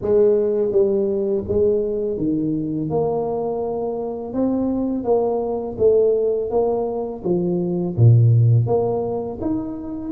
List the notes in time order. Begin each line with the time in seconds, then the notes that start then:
0.01 G#3
0.71 G3
1.48 G#3
2.17 D#3
2.89 A#3
4.33 C4
5.04 A#3
5.78 A3
6.50 A#3
7.23 F3
7.96 A#2
8.66 A#3
9.41 D#4